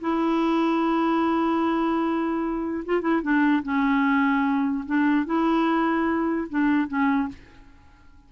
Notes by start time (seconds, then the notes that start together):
0.00 E4
2.85 F4
3.01 E4
3.22 D4
3.62 C#4
4.85 D4
5.26 E4
6.49 D4
6.88 C#4